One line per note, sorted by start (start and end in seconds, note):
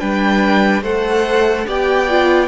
0.00 0.83 G3
0.00 0.83 D4
0.00 0.82 B4
0.00 0.83 G5
0.82 1.66 A3
0.82 1.67 A4
0.82 1.66 C5
0.82 1.67 F#5
1.67 2.48 B3
1.67 2.09 G4
1.67 2.48 D5
1.67 2.48 G5
2.09 2.48 F4